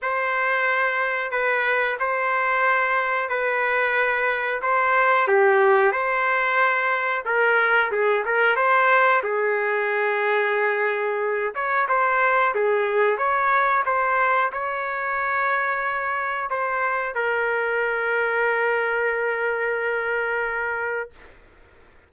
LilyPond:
\new Staff \with { instrumentName = "trumpet" } { \time 4/4 \tempo 4 = 91 c''2 b'4 c''4~ | c''4 b'2 c''4 | g'4 c''2 ais'4 | gis'8 ais'8 c''4 gis'2~ |
gis'4. cis''8 c''4 gis'4 | cis''4 c''4 cis''2~ | cis''4 c''4 ais'2~ | ais'1 | }